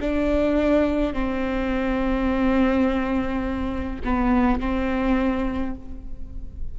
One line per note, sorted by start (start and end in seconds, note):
0.00 1.13 D4
1.13 4.02 C4
4.04 4.59 B3
4.59 5.75 C4